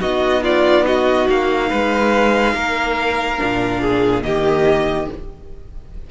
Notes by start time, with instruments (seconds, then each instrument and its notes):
0.00 cello B3, viola D#4, violin F#4 D#5
0.43 violin F4 D5
0.86 violin F#4 D#5
1.29 cello A#3, violin F5
1.70 cello G#3, violin B4
2.54 cello A#3, violin A#4
3.38 cello A#2, viola D4
3.81 violin G#4
4.22 cello D#3, viola A#3, violin G4 D#5